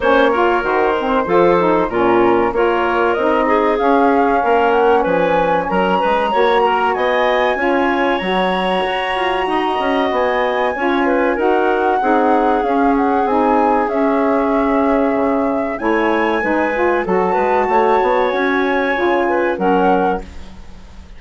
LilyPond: <<
  \new Staff \with { instrumentName = "flute" } { \time 4/4 \tempo 4 = 95 cis''4 c''2 ais'4 | cis''4 dis''4 f''4. fis''8 | gis''4 ais''2 gis''4~ | gis''4 ais''2. |
gis''2 fis''2 | f''8 fis''8 gis''4 e''2~ | e''4 gis''2 a''4~ | a''4 gis''2 fis''4 | }
  \new Staff \with { instrumentName = "clarinet" } { \time 4/4 c''8 ais'4. a'4 f'4 | ais'4. gis'4. ais'4 | b'4 ais'8 b'8 cis''8 ais'8 dis''4 | cis''2. dis''4~ |
dis''4 cis''8 b'8 ais'4 gis'4~ | gis'1~ | gis'4 cis''4 b'4 a'8 b'8 | cis''2~ cis''8 b'8 ais'4 | }
  \new Staff \with { instrumentName = "saxophone" } { \time 4/4 cis'8 f'8 fis'8 c'8 f'8 dis'8 cis'4 | f'4 dis'4 cis'2~ | cis'2 fis'2 | f'4 fis'2.~ |
fis'4 f'4 fis'4 dis'4 | cis'4 dis'4 cis'2~ | cis'4 e'4 dis'8 f'8 fis'4~ | fis'2 f'4 cis'4 | }
  \new Staff \with { instrumentName = "bassoon" } { \time 4/4 ais4 dis4 f4 ais,4 | ais4 c'4 cis'4 ais4 | f4 fis8 gis8 ais4 b4 | cis'4 fis4 fis'8 f'8 dis'8 cis'8 |
b4 cis'4 dis'4 c'4 | cis'4 c'4 cis'2 | cis4 a4 gis4 fis8 gis8 | a8 b8 cis'4 cis4 fis4 | }
>>